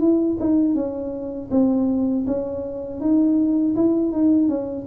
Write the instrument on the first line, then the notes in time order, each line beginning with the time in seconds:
tuba
0.00 E4
0.40 D#4
0.75 C#4
1.51 C4
2.27 C#4
3.00 D#4
3.76 E4
4.12 D#4
4.48 C#4